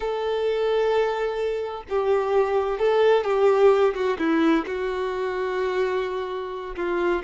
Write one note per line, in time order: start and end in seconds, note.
0.00 1.83 A4
1.89 2.79 G4
2.79 3.24 A4
3.24 3.93 G4
3.94 4.17 F#4
4.18 4.65 E4
4.66 6.75 F#4
6.75 7.22 F4